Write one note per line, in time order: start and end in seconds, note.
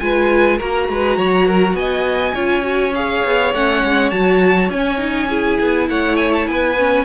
0.00 0.61 G#3
0.00 0.60 F4
0.00 0.58 B4
0.00 0.59 G#5
0.58 0.89 A#3
0.58 2.36 F#4
0.58 0.87 A#4
0.58 1.76 A#5
0.89 1.18 G#3
0.89 1.18 B4
1.18 1.74 F#3
1.18 1.47 C#5
1.47 1.76 A#4
1.74 2.33 B3
1.74 2.35 D#5
1.74 2.94 G#5
2.35 3.24 C#4
2.35 2.62 F4
2.35 5.28 C#5
2.62 2.91 F#4
2.95 3.55 G#4
2.95 3.54 F5
3.25 3.54 B3
3.54 3.83 A3
3.54 4.13 C#4
3.54 4.11 F#5
3.84 4.12 G#3
4.11 4.70 F#3
4.11 4.71 F#4
4.11 4.69 A5
4.70 5.58 C#4
4.70 4.98 C#4
4.70 5.89 G#5
4.98 5.28 D#4
5.28 6.77 E4
5.28 5.87 G#4
5.61 5.90 B3
5.89 6.48 A3
5.89 6.49 C#5
5.89 6.17 F#5
6.17 6.31 G#5
6.33 6.48 A5
6.48 7.05 B3
6.48 7.05 B4
6.48 7.05 G#5
6.78 7.05 C#4